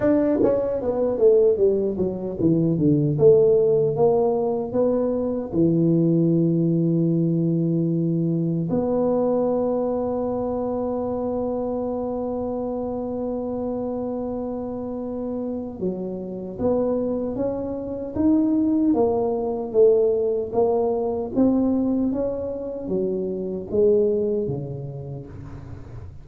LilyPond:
\new Staff \with { instrumentName = "tuba" } { \time 4/4 \tempo 4 = 76 d'8 cis'8 b8 a8 g8 fis8 e8 d8 | a4 ais4 b4 e4~ | e2. b4~ | b1~ |
b1 | fis4 b4 cis'4 dis'4 | ais4 a4 ais4 c'4 | cis'4 fis4 gis4 cis4 | }